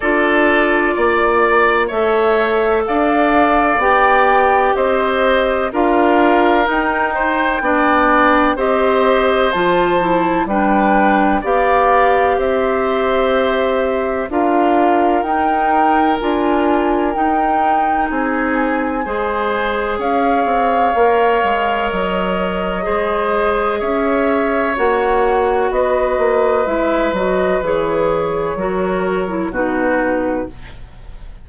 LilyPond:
<<
  \new Staff \with { instrumentName = "flute" } { \time 4/4 \tempo 4 = 63 d''2 e''4 f''4 | g''4 dis''4 f''4 g''4~ | g''4 dis''4 a''4 g''4 | f''4 e''2 f''4 |
g''4 gis''4 g''4 gis''4~ | gis''4 f''2 dis''4~ | dis''4 e''4 fis''4 dis''4 | e''8 dis''8 cis''2 b'4 | }
  \new Staff \with { instrumentName = "oboe" } { \time 4/4 a'4 d''4 cis''4 d''4~ | d''4 c''4 ais'4. c''8 | d''4 c''2 b'4 | d''4 c''2 ais'4~ |
ais'2. gis'4 | c''4 cis''2. | c''4 cis''2 b'4~ | b'2 ais'4 fis'4 | }
  \new Staff \with { instrumentName = "clarinet" } { \time 4/4 f'2 a'2 | g'2 f'4 dis'4 | d'4 g'4 f'8 e'8 d'4 | g'2. f'4 |
dis'4 f'4 dis'2 | gis'2 ais'2 | gis'2 fis'2 | e'8 fis'8 gis'4 fis'8. e'16 dis'4 | }
  \new Staff \with { instrumentName = "bassoon" } { \time 4/4 d'4 ais4 a4 d'4 | b4 c'4 d'4 dis'4 | b4 c'4 f4 g4 | b4 c'2 d'4 |
dis'4 d'4 dis'4 c'4 | gis4 cis'8 c'8 ais8 gis8 fis4 | gis4 cis'4 ais4 b8 ais8 | gis8 fis8 e4 fis4 b,4 | }
>>